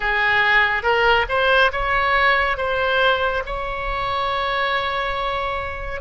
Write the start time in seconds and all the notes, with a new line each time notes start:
0.00 G#4
0.82 A#4
1.29 C5
1.71 C#5
2.57 C5
3.46 C#5